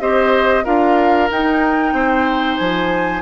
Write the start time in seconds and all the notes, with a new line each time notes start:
0.00 C4 G4 C5 D#5
0.65 D4 F4 A#4 F5
1.31 D#4 G5
1.93 C4 C5
2.58 F3 G#5